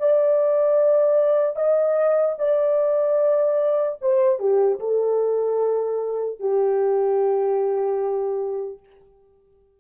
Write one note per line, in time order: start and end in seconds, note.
0.00 1.56 D5
1.56 2.36 D#5
2.39 3.99 D5
4.02 4.40 C5
4.40 4.80 G4
4.80 6.40 A4
6.40 8.80 G4